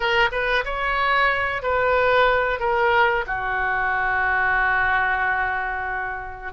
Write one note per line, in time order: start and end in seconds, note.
0.00 0.29 A#4
0.31 0.64 B4
0.64 1.62 C#5
1.62 2.59 B4
2.59 3.25 A#4
3.26 6.52 F#4